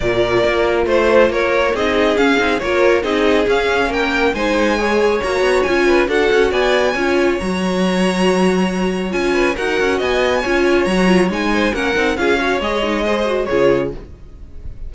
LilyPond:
<<
  \new Staff \with { instrumentName = "violin" } { \time 4/4 \tempo 4 = 138 d''2 c''4 cis''4 | dis''4 f''4 cis''4 dis''4 | f''4 g''4 gis''2 | ais''4 gis''4 fis''4 gis''4~ |
gis''4 ais''2.~ | ais''4 gis''4 fis''4 gis''4~ | gis''4 ais''4 gis''4 fis''4 | f''4 dis''2 cis''4 | }
  \new Staff \with { instrumentName = "violin" } { \time 4/4 ais'2 c''4 ais'4 | gis'2 ais'4 gis'4~ | gis'4 ais'4 c''4 cis''4~ | cis''4. b'8 a'4 d''4 |
cis''1~ | cis''4. b'8 ais'4 dis''4 | cis''2~ cis''8 c''8 ais'4 | gis'8 cis''4. c''4 gis'4 | }
  \new Staff \with { instrumentName = "viola" } { \time 4/4 f'1 | dis'4 cis'8 dis'8 f'4 dis'4 | cis'2 dis'4 gis'4 | fis'4 f'4 fis'2 |
f'4 fis'2.~ | fis'4 f'4 fis'2 | f'4 fis'8 f'8 dis'4 cis'8 dis'8 | f'8 fis'8 gis'8 dis'8 gis'8 fis'8 f'4 | }
  \new Staff \with { instrumentName = "cello" } { \time 4/4 ais,4 ais4 a4 ais4 | c'4 cis'8 c'8 ais4 c'4 | cis'4 ais4 gis2 | ais8 b8 cis'4 d'8 cis'8 b4 |
cis'4 fis2.~ | fis4 cis'4 dis'8 cis'8 b4 | cis'4 fis4 gis4 ais8 c'8 | cis'4 gis2 cis4 | }
>>